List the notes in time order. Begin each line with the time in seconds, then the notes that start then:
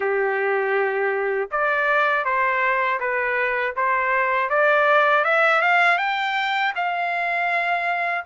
0.00 G4
1.51 D5
2.24 C5
3.00 B4
3.76 C5
4.49 D5
5.24 E5
5.61 F5
5.98 G5
6.75 F5